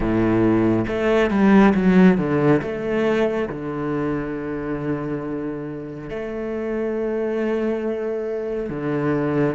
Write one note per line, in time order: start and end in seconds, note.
0.00 0.85 A2
0.87 1.30 A3
1.30 1.74 G3
1.74 2.17 F#3
2.17 2.61 D3
2.61 3.48 A3
3.49 6.09 D3
6.09 8.70 A3
8.70 9.55 D3